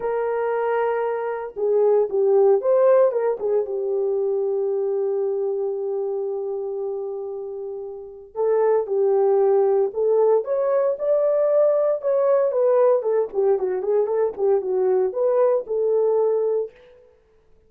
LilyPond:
\new Staff \with { instrumentName = "horn" } { \time 4/4 \tempo 4 = 115 ais'2. gis'4 | g'4 c''4 ais'8 gis'8 g'4~ | g'1~ | g'1 |
a'4 g'2 a'4 | cis''4 d''2 cis''4 | b'4 a'8 g'8 fis'8 gis'8 a'8 g'8 | fis'4 b'4 a'2 | }